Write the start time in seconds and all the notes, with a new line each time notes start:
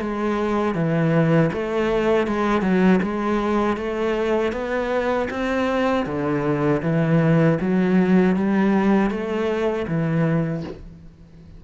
0.00 G#3
0.75 E3
1.53 A3
2.27 G#3
2.61 F#3
3.02 G#3
3.77 A3
4.52 B3
5.30 C4
6.06 D3
6.82 E3
7.61 F#3
8.36 G3
9.10 A3
9.88 E3